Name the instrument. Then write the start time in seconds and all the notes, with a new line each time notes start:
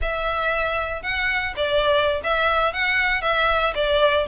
violin
0.01 E5
1.02 F#5
1.56 D5
2.23 E5
2.73 F#5
3.21 E5
3.74 D5